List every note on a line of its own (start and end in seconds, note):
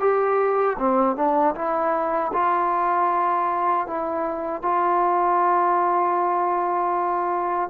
0.00 0.77 G4
0.79 1.16 C4
1.16 1.55 D4
1.55 2.32 E4
2.33 3.87 F4
3.87 4.62 E4
4.62 7.70 F4